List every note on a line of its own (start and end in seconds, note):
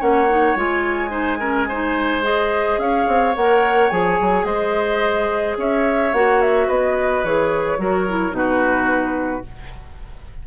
0.00 0.56 A#3
0.00 0.28 C#4
0.00 1.11 C#5
0.00 0.57 F#5
0.30 0.57 D#4
0.56 2.78 G#3
0.56 1.10 F4
0.56 2.25 G#5
1.10 1.38 D#4
1.10 1.39 C5
1.40 1.69 C#4
1.40 1.68 A#4
1.69 2.23 D#4
1.69 2.80 C5
2.23 3.34 G#4
2.23 2.80 D#5
2.78 3.06 C#4
2.78 4.47 C#5
2.78 3.35 F5
3.08 3.36 C4
3.36 3.92 A#3
3.36 3.91 A#4
3.36 3.90 F#5
3.90 4.19 F3
3.90 6.14 G#4
3.90 4.45 G#5
4.21 4.45 F#3
4.45 5.56 G#3
4.45 5.58 C5
4.45 5.56 D#5
5.58 6.13 C#4
5.58 6.67 C#5
5.58 6.14 E5
6.13 6.69 A#3
6.13 7.26 F#4
6.13 6.42 F#5
6.42 6.69 E5
6.67 7.24 B3
6.67 7.79 B4
6.67 7.25 D#5
7.24 7.78 E3
7.24 7.79 G#4
7.24 8.36 C#5
7.78 8.32 F#3
7.78 8.06 F#4
7.78 8.37 A#4
8.09 8.31 E4
8.31 9.43 B2
8.31 9.43 D#4
8.31 9.48 F#4
8.31 9.47 B4